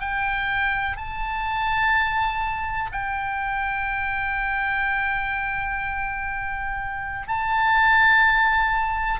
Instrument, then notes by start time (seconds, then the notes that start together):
oboe
0.00 G5
0.97 A5
2.92 G5
7.27 A5